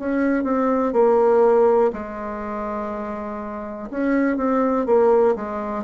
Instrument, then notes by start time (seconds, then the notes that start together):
bassoon
0.00 C#4
0.44 C4
0.93 A#3
1.93 G#3
3.91 C#4
4.38 C4
4.86 A#3
5.36 G#3